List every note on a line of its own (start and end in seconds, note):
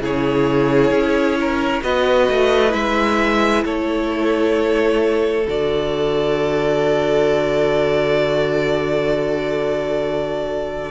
0.00 0.91 C#3
0.00 1.82 E4
0.00 1.38 G#4
0.00 1.83 C#5
0.91 1.82 C#4
1.41 1.83 A#4
1.82 2.29 B3
1.82 2.69 F#4
1.82 3.65 B4
1.82 2.73 D#5
2.30 2.74 A3
2.69 3.65 G#3
2.69 5.42 E4
2.69 3.64 E5
3.65 5.47 A3
3.65 10.91 A4
3.65 5.47 C#5
5.48 10.91 D3
5.48 10.91 F#4
5.48 10.91 D5